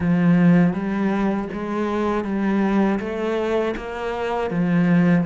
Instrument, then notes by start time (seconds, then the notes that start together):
cello
0.00 F3
0.73 G3
1.52 G#3
2.24 G3
2.99 A3
3.76 A#3
4.50 F3